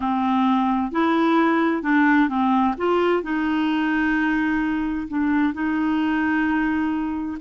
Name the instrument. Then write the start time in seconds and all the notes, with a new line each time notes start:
clarinet
0.00 C4
0.91 E4
1.82 D4
2.28 C4
2.77 F4
3.23 D#4
5.07 D4
5.53 D#4